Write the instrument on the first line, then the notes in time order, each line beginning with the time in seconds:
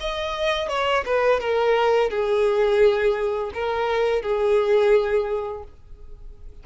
violin
0.00 D#5
0.69 C#5
1.05 B4
1.40 A#4
2.10 G#4
3.54 A#4
4.22 G#4